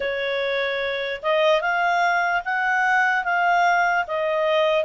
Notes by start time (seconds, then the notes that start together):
0.00 C#5
1.22 D#5
1.61 F5
2.44 F#5
3.24 F5
4.07 D#5